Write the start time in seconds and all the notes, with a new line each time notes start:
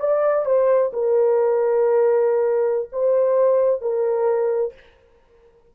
0.00 D5
0.45 C5
0.93 A#4
2.92 C5
3.81 A#4